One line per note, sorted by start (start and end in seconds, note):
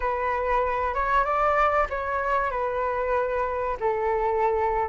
0.00 0.94 B4
0.94 1.24 C#5
1.24 1.87 D5
1.89 2.50 C#5
2.50 3.77 B4
3.80 4.89 A4